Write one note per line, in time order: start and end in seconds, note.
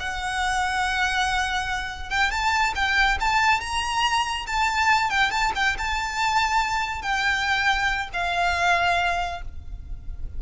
0.00 2.10 F#5
2.10 2.31 G5
2.31 2.74 A5
2.76 3.19 G5
3.21 3.61 A5
3.61 4.47 A#5
4.47 5.10 A5
5.10 5.31 G5
5.31 5.52 A5
5.56 5.77 G5
5.78 7.02 A5
7.02 8.10 G5
8.14 9.42 F5